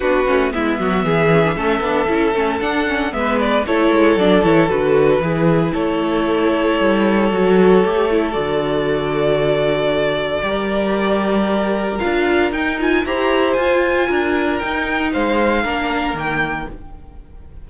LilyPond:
<<
  \new Staff \with { instrumentName = "violin" } { \time 4/4 \tempo 4 = 115 b'4 e''2.~ | e''4 fis''4 e''8 d''8 cis''4 | d''8 cis''8 b'2 cis''4~ | cis''1 |
d''1~ | d''2. f''4 | g''8 gis''8 ais''4 gis''2 | g''4 f''2 g''4 | }
  \new Staff \with { instrumentName = "violin" } { \time 4/4 fis'4 e'8 fis'8 gis'4 a'4~ | a'2 b'4 a'4~ | a'2 gis'4 a'4~ | a'1~ |
a'1 | ais'1~ | ais'4 c''2 ais'4~ | ais'4 c''4 ais'2 | }
  \new Staff \with { instrumentName = "viola" } { \time 4/4 d'8 cis'8 b4. cis'16 d'16 cis'8 d'8 | e'8 cis'8 d'8 cis'8 b4 e'4 | d'8 e'8 fis'4 e'2~ | e'2 fis'4 g'8 e'8 |
fis'1 | g'2. f'4 | dis'8 f'8 g'4 f'2 | dis'2 d'4 ais4 | }
  \new Staff \with { instrumentName = "cello" } { \time 4/4 b8 a8 gis8 fis8 e4 a8 b8 | cis'8 a8 d'4 gis4 a8 gis8 | fis8 e8 d4 e4 a4~ | a4 g4 fis4 a4 |
d1 | g2. d'4 | dis'4 e'4 f'4 d'4 | dis'4 gis4 ais4 dis4 | }
>>